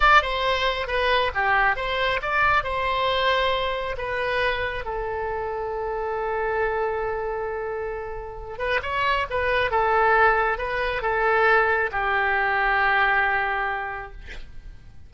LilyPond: \new Staff \with { instrumentName = "oboe" } { \time 4/4 \tempo 4 = 136 d''8 c''4. b'4 g'4 | c''4 d''4 c''2~ | c''4 b'2 a'4~ | a'1~ |
a'2.~ a'8 b'8 | cis''4 b'4 a'2 | b'4 a'2 g'4~ | g'1 | }